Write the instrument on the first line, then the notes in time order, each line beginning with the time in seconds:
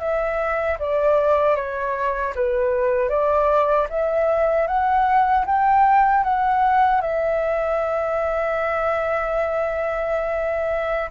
flute
0.00 E5
0.80 D5
1.56 C#5
2.35 B4
3.10 D5
3.90 E5
4.68 F#5
5.46 G5
6.24 F#5
7.02 E5